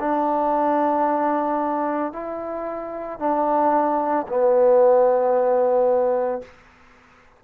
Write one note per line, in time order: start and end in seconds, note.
0.00 2.13 D4
2.13 3.19 E4
3.19 4.27 D4
4.28 6.42 B3